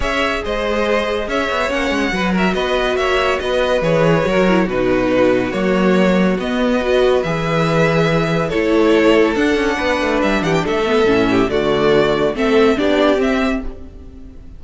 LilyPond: <<
  \new Staff \with { instrumentName = "violin" } { \time 4/4 \tempo 4 = 141 e''4 dis''2 e''4 | fis''4. e''8 dis''4 e''4 | dis''4 cis''2 b'4~ | b'4 cis''2 dis''4~ |
dis''4 e''2. | cis''2 fis''2 | e''8 fis''16 g''16 e''2 d''4~ | d''4 e''4 d''4 e''4 | }
  \new Staff \with { instrumentName = "violin" } { \time 4/4 cis''4 c''2 cis''4~ | cis''4 b'8 ais'8 b'4 cis''4 | b'2 ais'4 fis'4~ | fis'1 |
b'1 | a'2. b'4~ | b'8 g'8 a'4. g'8 fis'4~ | fis'4 a'4 g'2 | }
  \new Staff \with { instrumentName = "viola" } { \time 4/4 gis'1 | cis'4 fis'2.~ | fis'4 gis'4 fis'8 e'8 dis'4~ | dis'4 ais2 b4 |
fis'4 gis'2. | e'2 d'2~ | d'4. b8 cis'4 a4~ | a4 c'4 d'4 c'4 | }
  \new Staff \with { instrumentName = "cello" } { \time 4/4 cis'4 gis2 cis'8 b8 | ais8 gis8 fis4 b4 ais4 | b4 e4 fis4 b,4~ | b,4 fis2 b4~ |
b4 e2. | a2 d'8 cis'8 b8 a8 | g8 e8 a4 a,4 d4~ | d4 a4 b4 c'4 | }
>>